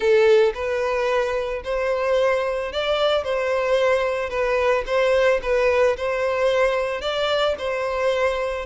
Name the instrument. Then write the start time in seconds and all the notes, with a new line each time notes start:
violin
0.00 A4
0.54 B4
1.64 C5
2.72 D5
3.24 C5
4.29 B4
4.86 C5
5.42 B4
5.96 C5
7.01 D5
7.58 C5